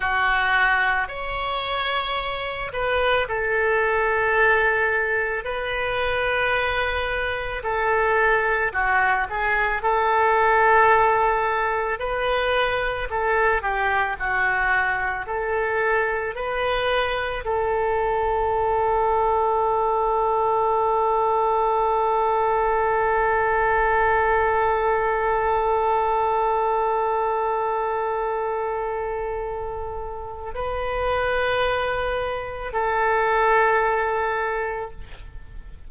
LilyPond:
\new Staff \with { instrumentName = "oboe" } { \time 4/4 \tempo 4 = 55 fis'4 cis''4. b'8 a'4~ | a'4 b'2 a'4 | fis'8 gis'8 a'2 b'4 | a'8 g'8 fis'4 a'4 b'4 |
a'1~ | a'1~ | a'1 | b'2 a'2 | }